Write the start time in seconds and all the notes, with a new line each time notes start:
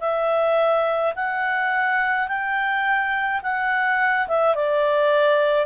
0.00 E5
1.15 F#5
2.27 G5
3.42 F#5
4.28 E5
4.55 D5